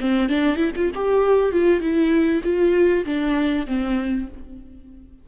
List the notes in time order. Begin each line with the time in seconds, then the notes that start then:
0.00 C4
0.28 D4
0.56 E4
0.76 F4
0.94 G4
1.52 F4
1.80 E4
2.43 F4
3.05 D4
3.67 C4